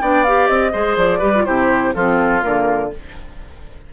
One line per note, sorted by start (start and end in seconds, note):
0.00 0.48 B3
0.00 0.26 D4
0.00 0.72 D5
0.00 0.23 G5
0.23 0.72 G4
0.23 0.47 F5
0.47 0.72 C4
0.47 0.96 D#5
0.72 0.96 G#3
0.72 1.20 G#4
0.72 1.18 C5
0.96 1.20 F3
0.96 1.44 D5
1.18 1.46 G3
1.18 1.32 G4
1.18 1.43 B4
1.35 1.45 F4
1.44 1.95 C3
1.44 1.94 E4
1.44 1.94 G4
1.44 1.93 C5
1.94 2.43 F3
1.94 2.42 C4
1.94 2.91 F4
1.94 2.42 A4
2.42 2.93 D3
2.42 2.90 A#3
2.42 2.90 A#4